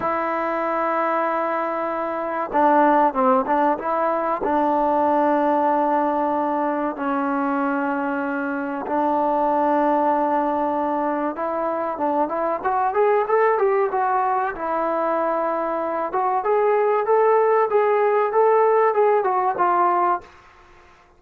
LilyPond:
\new Staff \with { instrumentName = "trombone" } { \time 4/4 \tempo 4 = 95 e'1 | d'4 c'8 d'8 e'4 d'4~ | d'2. cis'4~ | cis'2 d'2~ |
d'2 e'4 d'8 e'8 | fis'8 gis'8 a'8 g'8 fis'4 e'4~ | e'4. fis'8 gis'4 a'4 | gis'4 a'4 gis'8 fis'8 f'4 | }